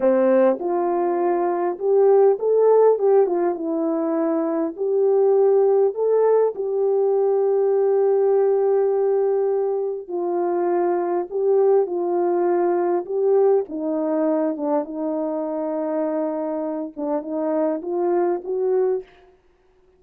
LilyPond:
\new Staff \with { instrumentName = "horn" } { \time 4/4 \tempo 4 = 101 c'4 f'2 g'4 | a'4 g'8 f'8 e'2 | g'2 a'4 g'4~ | g'1~ |
g'4 f'2 g'4 | f'2 g'4 dis'4~ | dis'8 d'8 dis'2.~ | dis'8 d'8 dis'4 f'4 fis'4 | }